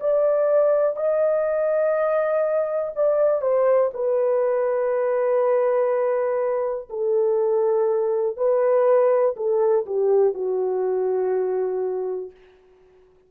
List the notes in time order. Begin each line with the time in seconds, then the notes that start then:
0.00 D5
0.97 D#5
2.96 D5
3.42 C5
3.94 B4
6.89 A4
8.37 B4
9.36 A4
9.86 G4
10.34 F#4